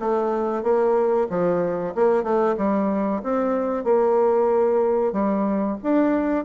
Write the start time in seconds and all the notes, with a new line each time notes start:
0.00 A3
0.63 A#3
1.30 F3
1.96 A#3
2.23 A3
2.58 G3
3.23 C4
3.84 A#3
5.13 G3
5.83 D4